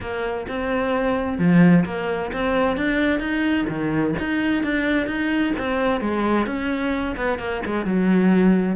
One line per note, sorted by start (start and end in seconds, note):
0.00 0.46 A#3
0.47 1.38 C4
1.38 1.84 F3
1.85 2.31 A#3
2.32 2.76 C4
2.76 3.19 D4
3.19 3.65 D#4
3.68 4.14 D#3
4.19 4.63 D#4
4.63 5.06 D4
5.06 5.52 D#4
5.58 6.00 C4
6.00 6.46 G#3
6.46 7.15 C#4
7.16 7.38 B3
7.38 7.62 A#3
7.65 7.85 G#3
7.85 8.76 F#3